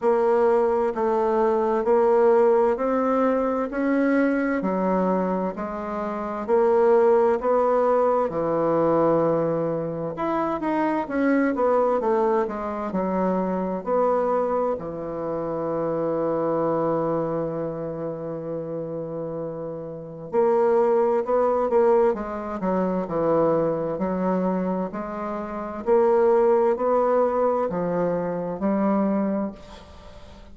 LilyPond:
\new Staff \with { instrumentName = "bassoon" } { \time 4/4 \tempo 4 = 65 ais4 a4 ais4 c'4 | cis'4 fis4 gis4 ais4 | b4 e2 e'8 dis'8 | cis'8 b8 a8 gis8 fis4 b4 |
e1~ | e2 ais4 b8 ais8 | gis8 fis8 e4 fis4 gis4 | ais4 b4 f4 g4 | }